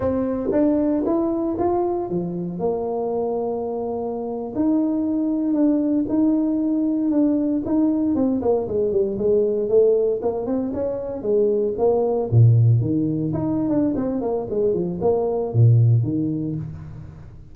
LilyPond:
\new Staff \with { instrumentName = "tuba" } { \time 4/4 \tempo 4 = 116 c'4 d'4 e'4 f'4 | f4 ais2.~ | ais8. dis'2 d'4 dis'16~ | dis'4.~ dis'16 d'4 dis'4 c'16~ |
c'16 ais8 gis8 g8 gis4 a4 ais16~ | ais16 c'8 cis'4 gis4 ais4 ais,16~ | ais,8. dis4 dis'8. d'8 c'8 ais8 | gis8 f8 ais4 ais,4 dis4 | }